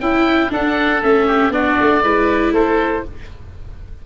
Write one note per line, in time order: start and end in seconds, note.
0.00 0.51 C#4
0.00 0.52 E4
0.00 0.50 E4
0.00 0.52 G5
0.50 1.01 D4
0.50 1.03 D4
0.50 1.27 A4
0.50 1.03 F#5
1.03 1.50 A3
1.03 1.52 C#4
1.03 1.53 E5
1.27 1.53 G4
1.50 1.76 B3
1.50 2.03 D4
1.50 2.03 F#4
1.50 2.54 D5
1.80 2.03 A3
2.03 2.52 G#3
2.03 3.06 E4
2.03 2.54 B4
2.52 3.03 A3
2.52 3.04 A4
2.52 3.05 C5